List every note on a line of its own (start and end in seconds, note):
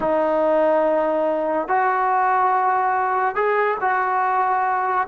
0.00 1.68 D#4
1.68 3.35 F#4
3.35 3.77 G#4
3.80 5.07 F#4